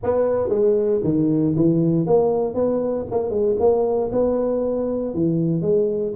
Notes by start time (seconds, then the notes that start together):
0.03 B3
0.49 G#3
1.03 D#3
1.55 E3
2.06 A#3
2.54 B3
3.10 A#3
3.30 G#3
3.59 A#3
4.11 B3
5.14 E3
5.61 G#3